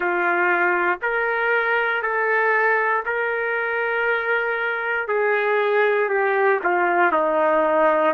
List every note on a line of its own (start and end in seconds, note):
0.00 0.99 F4
1.02 2.02 A#4
2.02 3.04 A4
3.05 5.08 A#4
5.08 6.09 G#4
6.09 6.60 G4
6.63 7.11 F4
7.11 8.13 D#4